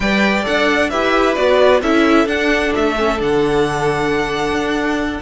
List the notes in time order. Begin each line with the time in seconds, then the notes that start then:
0.00 G3 B4 D5 G5
0.43 D4 A4 F#5
0.89 E4 G4 B4 E5
1.35 B3 F#4 D5
1.81 C#4 E4 A4 E5
2.25 D4 F#5
2.75 A3 E5
2.97 C#4
3.17 D3 D4 F#5
4.51 D4